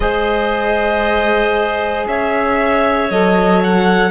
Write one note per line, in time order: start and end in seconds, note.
0.00 2.06 G#3
0.00 3.09 G#4
0.00 2.08 C5
0.00 2.06 D#5
2.07 3.10 C#4
2.07 4.11 C#5
2.07 3.10 E5
3.10 4.11 F#3
3.10 4.11 A4
3.10 3.62 D#5
3.63 4.11 F#5